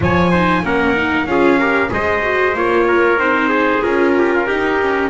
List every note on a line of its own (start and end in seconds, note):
0.00 0.62 F3
0.00 0.28 F4
0.00 0.30 C#5
0.00 0.65 G#5
0.30 0.63 D#4
0.30 0.62 C5
0.62 1.26 A#3
0.62 0.95 C#4
0.62 1.28 A#4
0.62 1.27 F#5
0.95 1.27 D#4
1.26 1.89 C#4
1.26 1.59 F4
1.26 1.58 G#4
1.26 1.91 F5
1.58 1.89 G4
1.58 1.90 A#4
1.89 2.54 G#3
1.89 2.21 G#4
1.89 2.87 C5
1.89 2.56 D#5
2.22 2.54 F#4
2.54 3.17 A#3
2.54 3.18 F4
2.54 3.19 C#5
2.87 3.48 A#4
3.17 3.81 C4
3.17 3.81 D#4
3.17 3.83 C5
3.48 4.12 G#4
3.81 4.47 C#4
3.81 4.44 F4
3.81 5.09 A#4
4.18 4.34 G4
4.34 4.47 F4
4.47 5.09 D#4
4.47 4.80 D#4
4.47 5.09 G4
4.80 5.09 C#4